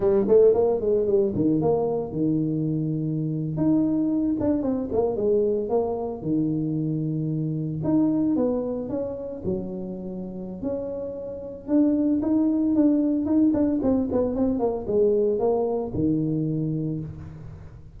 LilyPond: \new Staff \with { instrumentName = "tuba" } { \time 4/4 \tempo 4 = 113 g8 a8 ais8 gis8 g8 dis8 ais4 | dis2~ dis8. dis'4~ dis'16~ | dis'16 d'8 c'8 ais8 gis4 ais4 dis16~ | dis2~ dis8. dis'4 b16~ |
b8. cis'4 fis2~ fis16 | cis'2 d'4 dis'4 | d'4 dis'8 d'8 c'8 b8 c'8 ais8 | gis4 ais4 dis2 | }